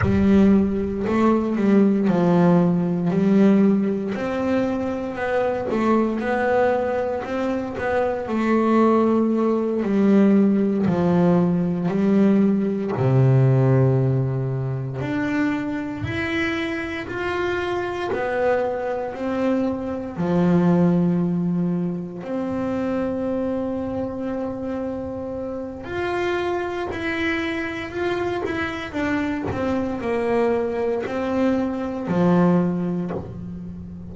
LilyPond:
\new Staff \with { instrumentName = "double bass" } { \time 4/4 \tempo 4 = 58 g4 a8 g8 f4 g4 | c'4 b8 a8 b4 c'8 b8 | a4. g4 f4 g8~ | g8 c2 d'4 e'8~ |
e'8 f'4 b4 c'4 f8~ | f4. c'2~ c'8~ | c'4 f'4 e'4 f'8 e'8 | d'8 c'8 ais4 c'4 f4 | }